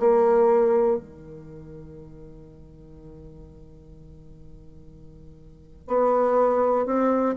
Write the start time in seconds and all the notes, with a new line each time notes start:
0.00 A#3
0.98 D#3
5.88 B3
6.86 C4